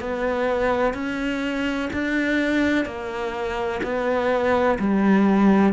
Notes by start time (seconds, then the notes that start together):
0.00 B3
0.94 C#4
1.93 D4
2.85 A#3
3.83 B3
4.79 G3